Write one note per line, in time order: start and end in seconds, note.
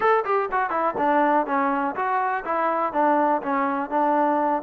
0.00 0.24 A4
0.24 0.49 G4
0.51 0.70 F#4
0.70 0.94 E4
0.97 1.46 D4
1.46 1.95 C#4
1.95 2.44 F#4
2.45 2.92 E4
2.92 3.41 D4
3.42 3.90 C#4
3.90 4.62 D4